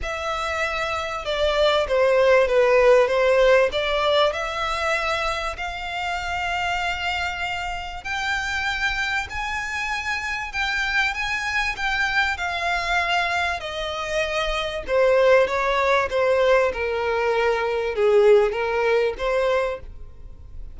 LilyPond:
\new Staff \with { instrumentName = "violin" } { \time 4/4 \tempo 4 = 97 e''2 d''4 c''4 | b'4 c''4 d''4 e''4~ | e''4 f''2.~ | f''4 g''2 gis''4~ |
gis''4 g''4 gis''4 g''4 | f''2 dis''2 | c''4 cis''4 c''4 ais'4~ | ais'4 gis'4 ais'4 c''4 | }